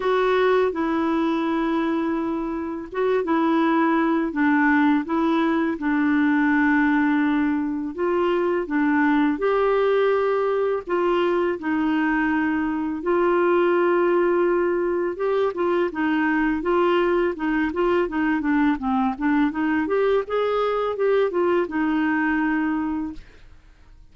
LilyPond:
\new Staff \with { instrumentName = "clarinet" } { \time 4/4 \tempo 4 = 83 fis'4 e'2. | fis'8 e'4. d'4 e'4 | d'2. f'4 | d'4 g'2 f'4 |
dis'2 f'2~ | f'4 g'8 f'8 dis'4 f'4 | dis'8 f'8 dis'8 d'8 c'8 d'8 dis'8 g'8 | gis'4 g'8 f'8 dis'2 | }